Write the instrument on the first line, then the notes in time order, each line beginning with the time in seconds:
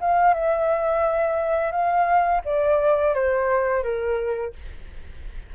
flute
0.00 F5
0.34 E5
1.71 F5
2.45 D5
3.14 C5
3.83 A#4